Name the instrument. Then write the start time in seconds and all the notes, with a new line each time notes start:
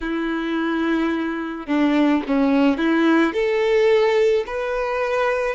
violin
0.00 E4
1.67 D4
2.27 C#4
2.77 E4
3.33 A4
4.46 B4